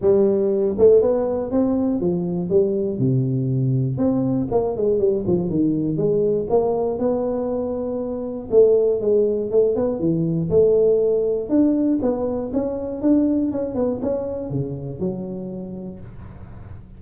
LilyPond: \new Staff \with { instrumentName = "tuba" } { \time 4/4 \tempo 4 = 120 g4. a8 b4 c'4 | f4 g4 c2 | c'4 ais8 gis8 g8 f8 dis4 | gis4 ais4 b2~ |
b4 a4 gis4 a8 b8 | e4 a2 d'4 | b4 cis'4 d'4 cis'8 b8 | cis'4 cis4 fis2 | }